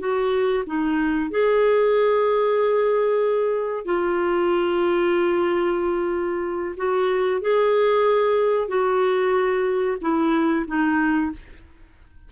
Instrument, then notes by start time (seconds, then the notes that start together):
clarinet
0.00 F#4
0.67 D#4
1.31 G#4
3.86 F4
6.77 F#4
7.41 G#4
8.68 F#4
10.02 E4
10.67 D#4